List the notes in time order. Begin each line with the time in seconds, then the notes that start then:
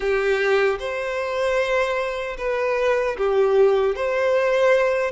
0.00 G4
0.79 C5
2.37 B4
3.17 G4
3.95 C5